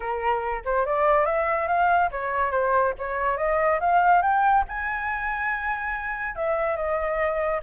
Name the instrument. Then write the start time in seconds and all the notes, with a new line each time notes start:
flute
0.00 A#4
0.64 C5
0.85 D5
1.25 E5
1.67 F5
2.11 C#5
2.51 C5
2.98 C#5
3.37 D#5
3.80 F5
4.22 G5
4.68 G#5
6.35 E5
6.76 D#5